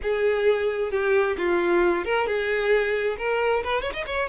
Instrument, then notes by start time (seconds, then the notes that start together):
violin
0.02 G#4
0.91 G4
1.37 F4
2.04 A#4
2.26 G#4
3.18 A#4
3.63 B4
3.81 C#5
3.93 D#5
4.06 C#5